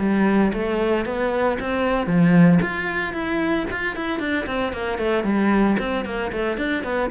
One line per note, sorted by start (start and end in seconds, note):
0.00 0.53 G3
0.54 1.06 A3
1.06 1.59 B3
1.61 2.07 C4
2.07 2.60 F3
2.62 3.14 F4
3.14 3.67 E4
3.72 3.96 F4
3.96 4.20 E4
4.20 4.46 D4
4.47 4.73 C4
4.73 4.99 A#3
4.99 5.24 A3
5.24 5.77 G3
5.79 6.06 C4
6.06 6.32 A#3
6.32 6.58 A3
6.58 6.84 D4
6.84 7.11 B3